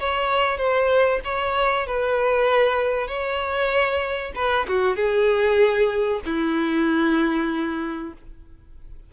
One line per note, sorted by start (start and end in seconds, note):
0.00 0.58 C#5
0.58 1.20 C5
1.25 1.87 C#5
1.87 3.08 B4
3.08 4.33 C#5
4.36 4.67 B4
4.68 4.96 F#4
4.96 6.21 G#4
6.26 8.14 E4